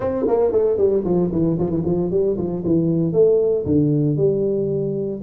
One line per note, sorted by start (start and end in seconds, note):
0.00 0.25 C4
0.27 0.52 A#3
0.52 0.77 A3
0.77 1.03 G3
1.04 1.30 F3
1.31 1.57 E3
1.58 1.70 F3
1.70 1.83 E3
1.85 2.10 F3
2.10 2.36 G3
2.37 2.63 F3
2.64 3.13 E3
3.13 3.65 A3
3.65 4.16 D3
4.16 5.21 G3